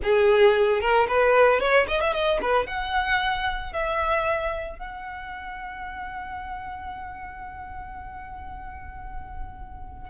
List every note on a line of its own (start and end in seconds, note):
0.03 0.80 G#4
0.80 1.07 A#4
1.08 1.60 B4
1.60 1.86 C#5
1.88 2.00 D#5
2.00 2.13 E5
2.13 2.39 D#5
2.41 2.66 B4
2.66 3.72 F#5
3.72 4.78 E5
4.78 10.09 F#5